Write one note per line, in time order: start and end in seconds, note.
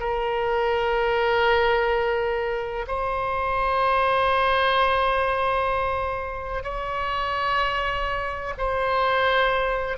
0.00 2.86 A#4
2.87 6.63 C5
6.63 8.54 C#5
8.58 9.97 C5